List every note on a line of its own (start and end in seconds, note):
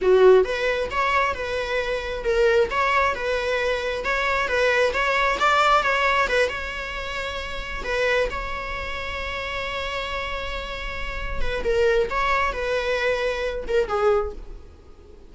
0.01 0.44 F#4
0.44 0.89 B4
0.90 1.34 C#5
1.34 2.23 B4
2.23 2.68 A#4
2.70 3.14 C#5
3.14 4.04 B4
4.04 4.48 C#5
4.48 4.93 B4
4.93 5.38 C#5
5.39 5.82 D5
5.82 6.27 C#5
6.28 6.48 B4
6.48 7.83 C#5
7.84 8.28 B4
8.30 11.41 C#5
11.41 11.63 B4
11.64 12.08 A#4
12.10 12.53 C#5
12.53 13.64 B4
13.68 13.87 A#4
13.87 14.32 G#4